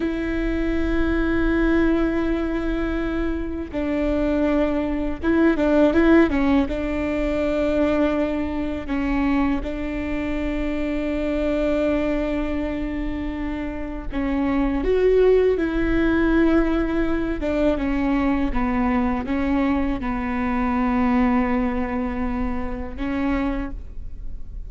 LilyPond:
\new Staff \with { instrumentName = "viola" } { \time 4/4 \tempo 4 = 81 e'1~ | e'4 d'2 e'8 d'8 | e'8 cis'8 d'2. | cis'4 d'2.~ |
d'2. cis'4 | fis'4 e'2~ e'8 d'8 | cis'4 b4 cis'4 b4~ | b2. cis'4 | }